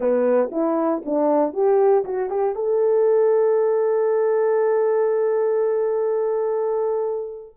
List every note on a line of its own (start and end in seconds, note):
0.00 0.50 B3
0.51 1.03 E4
1.05 1.53 D4
1.53 2.04 G4
2.04 2.30 F#4
2.30 2.55 G4
2.55 7.55 A4